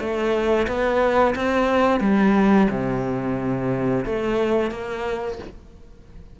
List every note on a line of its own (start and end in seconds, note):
0.00 0.67 A3
0.67 1.35 B3
1.36 2.01 C4
2.01 2.68 G3
2.70 4.05 C3
4.06 4.72 A3
4.72 5.39 A#3